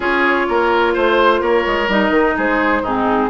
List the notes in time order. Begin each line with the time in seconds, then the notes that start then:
0.00 C#4 F4 G#4 C#5
0.48 A#3 A#4
0.93 A3 C5
1.40 A#3 A#4 C#5
1.66 G#3
1.87 G3 D#4 D#5
2.09 D#3
2.36 G#3 G#4 C5
2.81 G#2 C4 D#4 G#4